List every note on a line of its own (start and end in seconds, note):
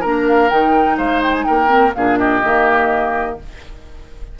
0.00 0.51 A#3
0.00 0.49 D4
0.00 0.96 A#4
0.00 0.25 A#5
0.27 0.49 F5
0.49 0.97 D#3
0.49 1.67 D#4
0.49 0.97 G5
0.97 1.46 G#3
0.97 1.45 C5
0.97 1.22 F5
1.22 1.34 G5
1.34 1.44 G#5
1.44 1.95 A#3
1.44 1.94 A#4
1.44 1.92 G5
1.67 1.91 C4
1.94 2.43 A#2
1.94 2.43 D4
1.94 2.19 G#4
1.94 2.18 F5
2.18 3.39 G4
2.18 3.38 D#5
2.43 3.39 D#3
2.43 3.39 A#3